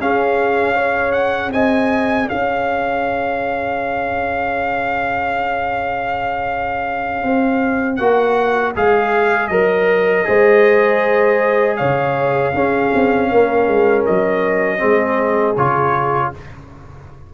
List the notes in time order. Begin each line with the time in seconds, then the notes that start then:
0.00 C#4 G#4 F5
0.74 G#4 C#5
1.12 F#5
1.53 C4 D#5 G#5
2.29 C#4 C#5 F5
7.23 C4
7.96 A#3 F#4 F#5
8.75 G#3 G#4 F5
9.48 F#3 A#4 D#5
10.25 G#3 G#4 C5
11.77 C#3 C#5 F5
12.54 C#4 G#4
12.95 C4
13.31 A#3 A#4
13.68 G#3
14.06 F#3 D#5
14.78 G#3 C4 G#4
15.56 C#3 F4 C#5